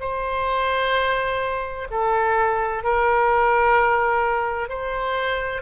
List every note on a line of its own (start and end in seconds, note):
0.00 1.87 C5
1.90 2.83 A4
2.83 4.69 A#4
4.69 5.62 C5